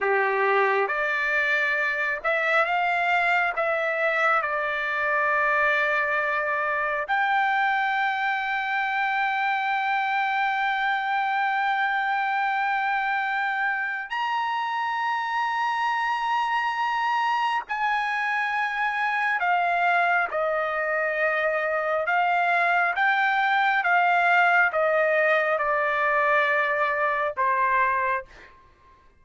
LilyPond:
\new Staff \with { instrumentName = "trumpet" } { \time 4/4 \tempo 4 = 68 g'4 d''4. e''8 f''4 | e''4 d''2. | g''1~ | g''1 |
ais''1 | gis''2 f''4 dis''4~ | dis''4 f''4 g''4 f''4 | dis''4 d''2 c''4 | }